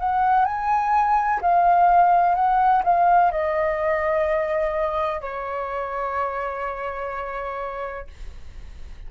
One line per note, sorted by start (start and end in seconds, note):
0.00 0.45 F#5
0.45 1.41 G#5
1.42 2.35 F5
2.35 2.83 F#5
2.84 3.32 F5
3.32 5.22 D#5
5.22 8.07 C#5